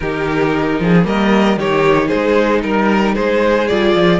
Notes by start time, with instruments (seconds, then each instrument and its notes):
0.00 cello D#3, viola D#4, violin G4 A#4
0.79 cello F3, violin G#4
1.03 cello G3, viola A#3, violin A#4 D#5
1.56 cello D#3, viola D#4, violin G4 C#5
2.07 violin G#4 C5
2.13 cello G#3
2.62 cello G3, violin A#4
3.15 cello G#3, violin G#4 C5
3.67 cello G3, viola F4, violin D5
3.94 cello F3